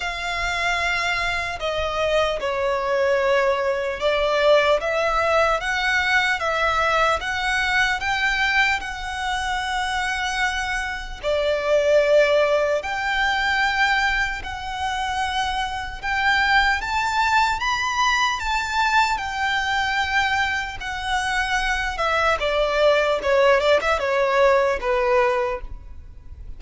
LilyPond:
\new Staff \with { instrumentName = "violin" } { \time 4/4 \tempo 4 = 75 f''2 dis''4 cis''4~ | cis''4 d''4 e''4 fis''4 | e''4 fis''4 g''4 fis''4~ | fis''2 d''2 |
g''2 fis''2 | g''4 a''4 b''4 a''4 | g''2 fis''4. e''8 | d''4 cis''8 d''16 e''16 cis''4 b'4 | }